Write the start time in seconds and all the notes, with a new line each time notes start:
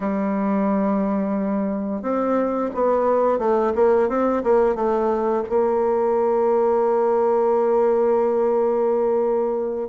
0.00 G3
2.01 C4
2.74 B3
3.38 A3
3.75 A#3
4.08 C4
4.43 A#3
4.75 A3
5.49 A#3